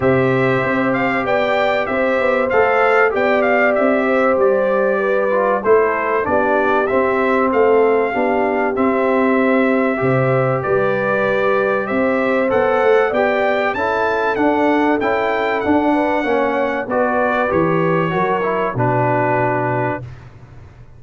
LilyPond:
<<
  \new Staff \with { instrumentName = "trumpet" } { \time 4/4 \tempo 4 = 96 e''4. f''8 g''4 e''4 | f''4 g''8 f''8 e''4 d''4~ | d''4 c''4 d''4 e''4 | f''2 e''2~ |
e''4 d''2 e''4 | fis''4 g''4 a''4 fis''4 | g''4 fis''2 d''4 | cis''2 b'2 | }
  \new Staff \with { instrumentName = "horn" } { \time 4/4 c''2 d''4 c''4~ | c''4 d''4. c''4. | b'4 a'4 g'2 | a'4 g'2. |
c''4 b'2 c''4~ | c''4 d''4 a'2~ | a'4. b'8 cis''4 b'4~ | b'4 ais'4 fis'2 | }
  \new Staff \with { instrumentName = "trombone" } { \time 4/4 g'1 | a'4 g'2.~ | g'8 f'8 e'4 d'4 c'4~ | c'4 d'4 c'2 |
g'1 | a'4 g'4 e'4 d'4 | e'4 d'4 cis'4 fis'4 | g'4 fis'8 e'8 d'2 | }
  \new Staff \with { instrumentName = "tuba" } { \time 4/4 c4 c'4 b4 c'8 b8 | a4 b4 c'4 g4~ | g4 a4 b4 c'4 | a4 b4 c'2 |
c4 g2 c'4 | b8 a8 b4 cis'4 d'4 | cis'4 d'4 ais4 b4 | e4 fis4 b,2 | }
>>